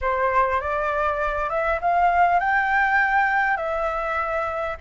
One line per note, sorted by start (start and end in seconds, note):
0.01 0.60 C5
0.60 1.49 D5
1.49 1.79 E5
1.81 2.39 F5
2.39 3.56 G5
3.56 4.76 E5